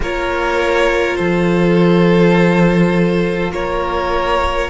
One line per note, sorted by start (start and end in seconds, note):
0.00 1.17 A#3
0.00 4.70 F4
0.00 1.17 A#4
0.00 1.15 C#5
1.15 3.51 F3
1.15 3.52 A4
1.15 3.51 C5
3.51 4.69 A#3
3.51 4.70 A#4
3.51 4.70 C#5